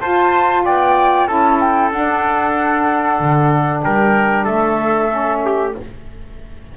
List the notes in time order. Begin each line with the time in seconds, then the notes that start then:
0.00 F4 C5 A5
0.64 B3 D5 G5
1.26 C#4 E4 A4 A5
1.59 G5
1.91 D4 F#5
3.19 D3
3.82 G3 A#4 G5
4.44 A3 A4 E5
5.08 C#4
5.45 G4